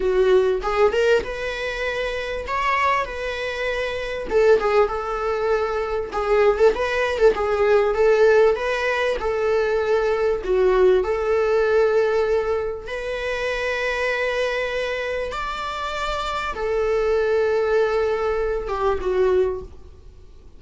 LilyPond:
\new Staff \with { instrumentName = "viola" } { \time 4/4 \tempo 4 = 98 fis'4 gis'8 ais'8 b'2 | cis''4 b'2 a'8 gis'8 | a'2 gis'8. a'16 b'8. a'16 | gis'4 a'4 b'4 a'4~ |
a'4 fis'4 a'2~ | a'4 b'2.~ | b'4 d''2 a'4~ | a'2~ a'8 g'8 fis'4 | }